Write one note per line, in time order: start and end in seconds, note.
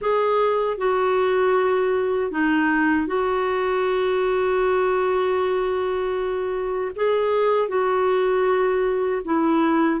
0.01 0.77 G#4
0.77 2.31 F#4
2.31 3.06 D#4
3.06 6.91 F#4
6.95 7.68 G#4
7.68 9.22 F#4
9.24 10.00 E4